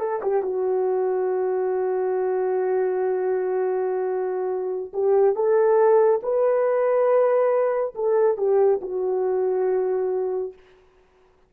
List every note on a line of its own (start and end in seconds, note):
0.00 0.21 A4
0.23 0.42 G4
0.42 4.92 F#4
4.93 5.35 G4
5.35 6.21 A4
6.23 7.94 B4
7.95 8.38 A4
8.38 8.81 G4
8.82 10.54 F#4